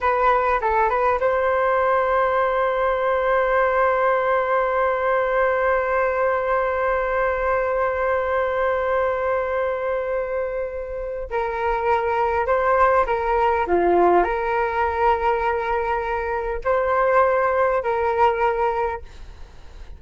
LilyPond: \new Staff \with { instrumentName = "flute" } { \time 4/4 \tempo 4 = 101 b'4 a'8 b'8 c''2~ | c''1~ | c''1~ | c''1~ |
c''2. ais'4~ | ais'4 c''4 ais'4 f'4 | ais'1 | c''2 ais'2 | }